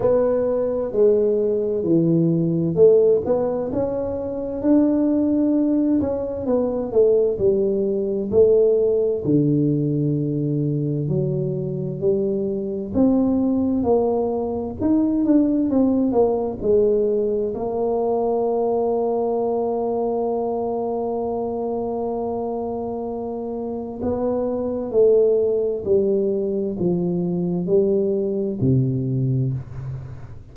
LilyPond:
\new Staff \with { instrumentName = "tuba" } { \time 4/4 \tempo 4 = 65 b4 gis4 e4 a8 b8 | cis'4 d'4. cis'8 b8 a8 | g4 a4 d2 | fis4 g4 c'4 ais4 |
dis'8 d'8 c'8 ais8 gis4 ais4~ | ais1~ | ais2 b4 a4 | g4 f4 g4 c4 | }